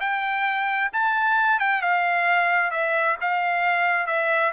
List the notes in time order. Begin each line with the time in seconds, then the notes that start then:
0.00 G5
0.92 A5
1.59 G5
1.82 F5
2.71 E5
3.21 F5
4.07 E5